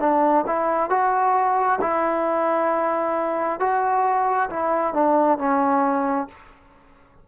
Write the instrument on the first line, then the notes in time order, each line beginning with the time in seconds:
trombone
0.00 D4
0.47 E4
0.90 F#4
1.81 E4
3.60 F#4
4.50 E4
4.94 D4
5.38 C#4